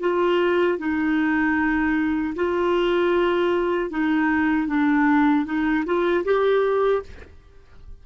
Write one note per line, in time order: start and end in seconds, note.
0.00 0.78 F4
0.78 2.34 D#4
2.35 3.90 F4
3.90 4.67 D#4
4.67 5.45 D4
5.45 5.84 D#4
5.85 6.24 F4
6.24 7.02 G4